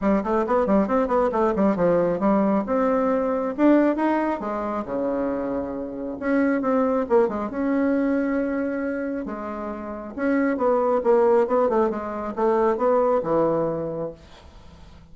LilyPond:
\new Staff \with { instrumentName = "bassoon" } { \time 4/4 \tempo 4 = 136 g8 a8 b8 g8 c'8 b8 a8 g8 | f4 g4 c'2 | d'4 dis'4 gis4 cis4~ | cis2 cis'4 c'4 |
ais8 gis8 cis'2.~ | cis'4 gis2 cis'4 | b4 ais4 b8 a8 gis4 | a4 b4 e2 | }